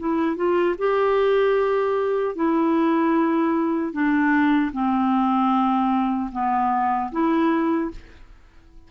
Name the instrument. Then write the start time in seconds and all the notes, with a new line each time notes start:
clarinet
0.00 E4
0.36 F4
0.79 G4
2.36 E4
3.93 D4
4.73 C4
6.32 B3
7.12 E4